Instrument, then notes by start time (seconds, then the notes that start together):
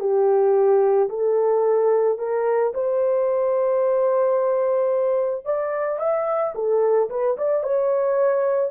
horn
0.00 G4
1.09 A4
2.19 A#4
2.74 C5
5.45 D5
5.99 E5
6.55 A4
7.10 B4
7.37 D5
7.63 C#5